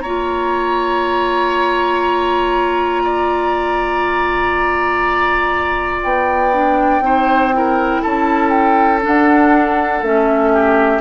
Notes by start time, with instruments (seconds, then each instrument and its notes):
0.00 bassoon A#3, clarinet F4, oboe C#5, flute A#5
3.04 oboe D5
6.03 bassoon B3, flute G5
6.53 clarinet D4
7.00 bassoon C4, clarinet D#4, oboe C5
7.52 clarinet E4, oboe A#4
8.02 bassoon C#4, oboe A4, flute A5
8.50 flute G5
9.01 clarinet D4, bassoon D4, flute F#5
10.02 bassoon A3, clarinet C#4, flute E5
10.53 oboe G4